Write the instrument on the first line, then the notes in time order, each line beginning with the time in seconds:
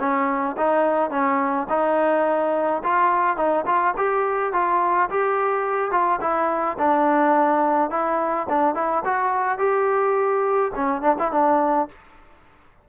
trombone
0.00 C#4
0.58 D#4
1.11 C#4
1.70 D#4
2.84 F4
3.37 D#4
3.66 F4
3.97 G4
4.53 F4
5.10 G4
5.92 F4
6.21 E4
6.79 D4
7.91 E4
8.50 D4
8.75 E4
9.05 F#4
9.59 G4
10.75 C#4
11.02 D4
11.19 E4
11.32 D4